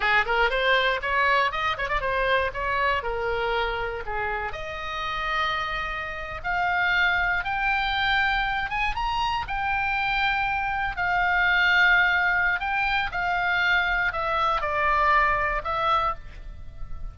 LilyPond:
\new Staff \with { instrumentName = "oboe" } { \time 4/4 \tempo 4 = 119 gis'8 ais'8 c''4 cis''4 dis''8 cis''16 d''16 | c''4 cis''4 ais'2 | gis'4 dis''2.~ | dis''8. f''2 g''4~ g''16~ |
g''4~ g''16 gis''8 ais''4 g''4~ g''16~ | g''4.~ g''16 f''2~ f''16~ | f''4 g''4 f''2 | e''4 d''2 e''4 | }